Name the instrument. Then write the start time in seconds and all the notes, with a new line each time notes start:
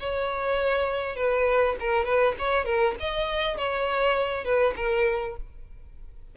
violin
0.00 C#5
1.16 B4
1.80 A#4
2.05 B4
2.39 C#5
2.65 A#4
3.00 D#5
3.58 C#5
4.45 B4
4.76 A#4